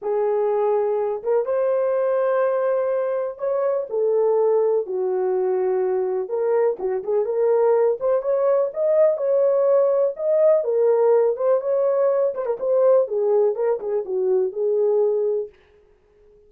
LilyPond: \new Staff \with { instrumentName = "horn" } { \time 4/4 \tempo 4 = 124 gis'2~ gis'8 ais'8 c''4~ | c''2. cis''4 | a'2 fis'2~ | fis'4 ais'4 fis'8 gis'8 ais'4~ |
ais'8 c''8 cis''4 dis''4 cis''4~ | cis''4 dis''4 ais'4. c''8 | cis''4. c''16 ais'16 c''4 gis'4 | ais'8 gis'8 fis'4 gis'2 | }